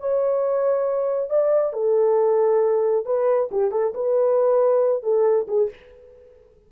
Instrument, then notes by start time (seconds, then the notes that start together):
horn
0.00 C#5
1.30 D5
1.73 A4
3.06 B4
3.52 G4
3.71 A4
3.94 B4
5.03 A4
5.48 G#4